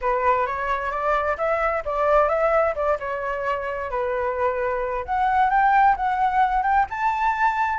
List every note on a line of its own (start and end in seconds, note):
0.01 0.46 B4
0.46 0.91 C#5
0.91 1.36 D5
1.37 1.83 E5
1.85 2.28 D5
2.28 2.74 E5
2.75 2.98 D5
2.99 3.90 C#5
3.90 5.04 B4
5.05 5.49 F#5
5.49 5.95 G5
5.96 6.63 F#5
6.63 6.86 G5
6.90 7.79 A5